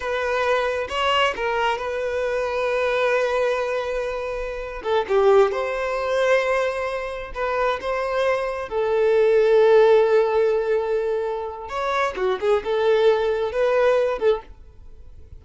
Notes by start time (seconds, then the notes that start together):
0.00 B4
0.89 C#5
1.35 A#4
1.77 B4
4.83 A4
5.08 G4
5.51 C5
7.34 B4
7.80 C5
8.68 A4
11.68 C#5
12.16 F#4
12.40 G#4
12.64 A4
13.52 B4
14.18 A4